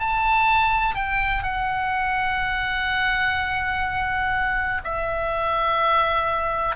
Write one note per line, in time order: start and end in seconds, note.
0.00 0.95 A5
0.95 1.43 G5
1.43 4.82 F#5
4.84 6.76 E5